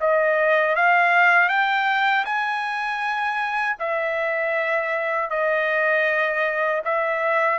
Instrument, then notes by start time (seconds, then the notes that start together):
trumpet
0.00 D#5
0.76 F5
1.49 G5
2.25 G#5
3.79 E5
5.30 D#5
6.85 E5